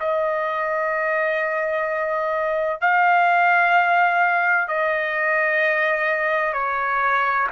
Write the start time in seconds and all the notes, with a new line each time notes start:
0.00 D#5
2.81 F5
4.68 D#5
6.54 C#5